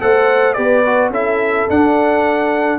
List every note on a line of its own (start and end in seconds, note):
0.00 0.57 A3
0.00 0.55 A4
0.00 0.56 C5
0.00 0.53 F#5
0.53 1.10 B3
0.53 0.83 G4
0.53 1.11 B4
0.53 1.09 D5
0.86 1.13 F#4
1.10 1.66 C#4
1.10 1.69 E4
1.10 2.79 A4
1.10 1.70 E5
1.69 2.79 D4
1.69 2.79 F#5